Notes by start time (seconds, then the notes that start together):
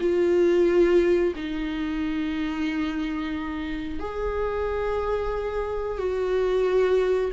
0.00 F4
1.35 D#4
4.00 G#4
5.98 F#4